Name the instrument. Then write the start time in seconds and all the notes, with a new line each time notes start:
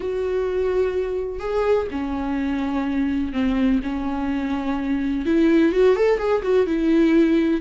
viola
0.00 F#4
1.39 G#4
1.91 C#4
3.32 C4
3.83 C#4
5.25 E4
5.72 F#4
5.96 A4
6.18 G#4
6.42 F#4
6.66 E4